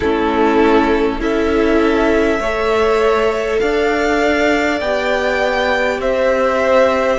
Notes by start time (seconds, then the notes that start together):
0.00 A3 C#4 E4 A4
1.19 C#4 E4 A4 E5
2.39 A3 A4 C#5
3.59 D4 D5 F5
4.80 B3 G4 G5
5.99 C4 C5 E5